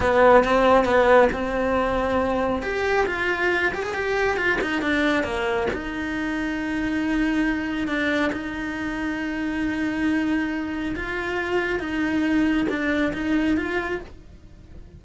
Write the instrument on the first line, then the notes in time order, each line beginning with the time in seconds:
cello
0.00 B3
0.44 C4
0.84 B3
1.32 C4
2.62 G4
3.06 F4
3.73 G4
3.82 G#4
3.94 G4
4.36 F4
4.61 D#4
4.81 D4
5.23 A#3
5.73 D#4
7.87 D4
8.32 D#4
10.95 F4
11.79 D#4
12.69 D4
13.13 D#4
13.57 F4